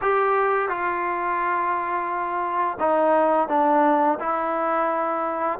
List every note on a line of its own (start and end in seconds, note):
0.01 0.68 G4
0.68 2.77 F4
2.79 3.48 D#4
3.48 4.18 D4
4.19 5.59 E4